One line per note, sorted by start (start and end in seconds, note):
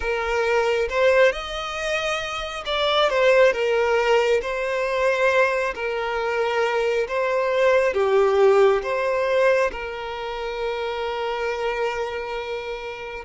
0.00 0.88 A#4
0.89 1.32 C5
1.32 2.64 D#5
2.65 3.09 D5
3.09 3.52 C5
3.52 4.40 A#4
4.41 5.74 C5
5.74 7.07 A#4
7.07 7.93 C5
7.93 8.82 G4
8.82 9.71 C5
9.71 13.24 A#4